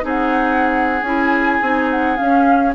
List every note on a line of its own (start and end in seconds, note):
0.00 1.02 C4
0.00 1.00 D#4
0.00 2.74 G#4
0.06 1.02 F#5
1.02 1.59 C#4
1.02 1.62 E4
1.02 1.88 G#5
1.61 2.18 C4
1.61 2.17 D#4
1.90 2.16 F#5
2.16 2.74 C#4
2.16 2.73 F5